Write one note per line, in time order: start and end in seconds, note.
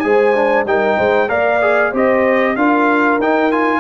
0.00 0.65 G#3
0.00 0.34 G#4
0.00 0.67 C5
0.00 0.63 G#5
0.34 0.66 D4
0.65 0.97 G3
0.65 1.28 D#4
0.65 0.97 A#4
0.65 1.29 G5
0.97 1.29 G#3
0.97 1.29 C5
1.28 1.92 A#3
1.28 1.60 A#4
1.28 1.91 D5
1.28 1.92 F5
1.61 1.93 G#4
1.91 2.56 C4
1.91 2.56 G4
1.91 2.54 C5
1.91 2.56 D#5
2.56 3.18 D4
2.56 3.20 F4
2.56 3.80 A#4
2.56 3.19 F5
3.18 3.80 D#4
3.18 3.52 D#4
3.18 3.51 G5
3.51 3.80 F4
3.51 3.80 G#5